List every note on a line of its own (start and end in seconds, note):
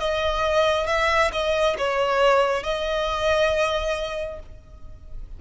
0.00 0.87 D#5
0.87 1.32 E5
1.33 1.77 D#5
1.78 2.64 C#5
2.64 4.40 D#5